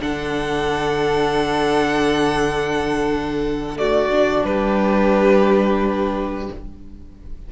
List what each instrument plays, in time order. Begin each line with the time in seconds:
0.00 cello D3, viola D4, violin A4 F#5
3.76 viola A3, violin F#4 D5
4.12 viola D4
4.44 cello G3, violin G4 B4